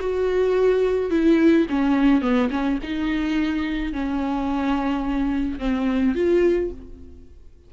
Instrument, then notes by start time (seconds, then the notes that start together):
viola
0.00 F#4
1.10 E4
1.69 C#4
2.21 B3
2.51 C#4
2.82 D#4
3.93 C#4
5.59 C4
6.15 F4